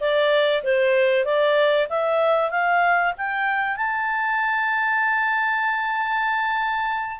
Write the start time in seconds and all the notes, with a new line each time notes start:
0.00 D5
0.63 C5
1.25 D5
1.89 E5
2.51 F5
3.17 G5
3.76 A5